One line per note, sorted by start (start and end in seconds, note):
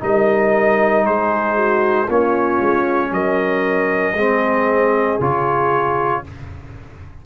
0.00 1.05 G3
0.00 2.07 D#4
0.00 1.06 A#4
0.00 1.06 D#5
1.05 2.08 G#3
1.05 1.56 G#4
1.05 2.09 C5
1.56 2.06 F#4
2.06 2.60 A#3
2.06 4.17 C#4
2.06 3.09 F4
2.06 3.13 C#5
2.61 3.11 G#3
3.11 4.14 F#3
3.11 4.15 A#4
3.11 5.20 D#5
4.14 5.17 G#3
4.14 5.20 C4
4.14 6.22 G#4
5.20 6.23 C#3
5.20 6.24 F4
5.20 6.25 C#5